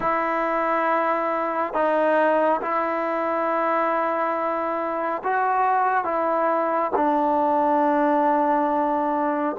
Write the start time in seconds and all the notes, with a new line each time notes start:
0.00 E4
1.74 D#4
2.61 E4
5.23 F#4
6.04 E4
6.95 D4